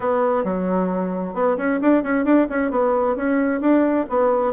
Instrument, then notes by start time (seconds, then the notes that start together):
bassoon
0.00 B3
0.43 F#3
1.34 B3
1.57 C#4
1.81 D4
2.03 C#4
2.24 D4
2.49 C#4
2.70 B3
3.15 C#4
3.60 D4
4.09 B3